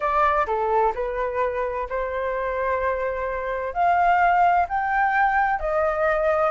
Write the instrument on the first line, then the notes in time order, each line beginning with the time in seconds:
flute
0.00 D5
0.46 A4
0.95 B4
1.89 C5
3.73 F5
4.68 G5
5.59 D#5